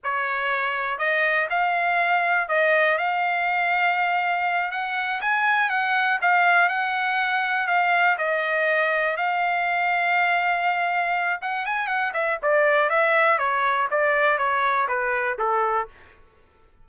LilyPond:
\new Staff \with { instrumentName = "trumpet" } { \time 4/4 \tempo 4 = 121 cis''2 dis''4 f''4~ | f''4 dis''4 f''2~ | f''4. fis''4 gis''4 fis''8~ | fis''8 f''4 fis''2 f''8~ |
f''8 dis''2 f''4.~ | f''2. fis''8 gis''8 | fis''8 e''8 d''4 e''4 cis''4 | d''4 cis''4 b'4 a'4 | }